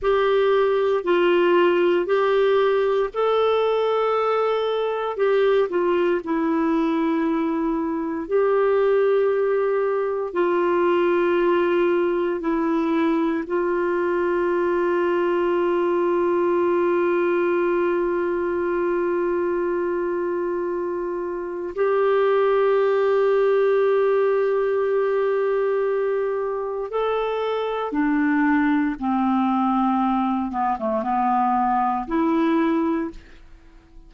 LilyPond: \new Staff \with { instrumentName = "clarinet" } { \time 4/4 \tempo 4 = 58 g'4 f'4 g'4 a'4~ | a'4 g'8 f'8 e'2 | g'2 f'2 | e'4 f'2.~ |
f'1~ | f'4 g'2.~ | g'2 a'4 d'4 | c'4. b16 a16 b4 e'4 | }